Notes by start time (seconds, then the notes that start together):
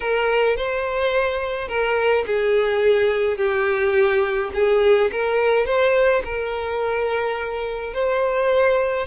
0.00 A#4
0.56 C5
1.68 A#4
2.26 G#4
3.37 G4
4.54 G#4
5.11 A#4
5.66 C5
6.24 A#4
7.93 C5